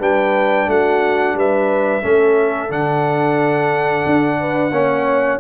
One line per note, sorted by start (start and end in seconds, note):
0.00 0.68 G3
0.00 2.03 D4
0.00 0.67 B4
0.00 0.70 G5
0.68 1.35 A3
0.68 1.37 F#4
0.68 1.38 F#5
1.35 2.02 G3
1.35 2.03 B4
1.35 2.72 E5
2.03 2.70 A3
2.03 2.69 C#4
2.03 4.38 A4
2.69 4.05 D3
2.69 4.72 D4
2.69 5.40 F#5
4.07 4.72 D4
4.40 4.73 B4
4.72 5.39 A#3
4.72 5.40 C#4
4.72 5.40 C#5